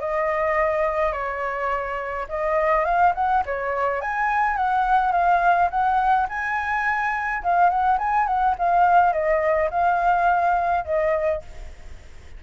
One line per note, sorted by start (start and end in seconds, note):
0.00 1.12 D#5
1.12 2.27 C#5
2.29 2.85 D#5
2.85 3.14 F5
3.15 3.44 F#5
3.46 4.01 C#5
4.01 4.57 G#5
4.57 5.12 F#5
5.12 5.69 F5
5.70 6.28 F#5
6.29 7.43 G#5
7.43 7.70 F5
7.70 7.98 F#5
7.99 8.27 G#5
8.27 8.56 F#5
8.59 9.13 F5
9.13 9.70 D#5
9.71 10.85 F5
10.85 11.42 D#5